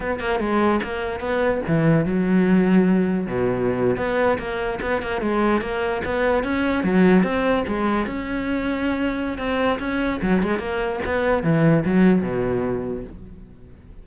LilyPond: \new Staff \with { instrumentName = "cello" } { \time 4/4 \tempo 4 = 147 b8 ais8 gis4 ais4 b4 | e4 fis2. | b,4.~ b,16 b4 ais4 b16~ | b16 ais8 gis4 ais4 b4 cis'16~ |
cis'8. fis4 c'4 gis4 cis'16~ | cis'2. c'4 | cis'4 fis8 gis8 ais4 b4 | e4 fis4 b,2 | }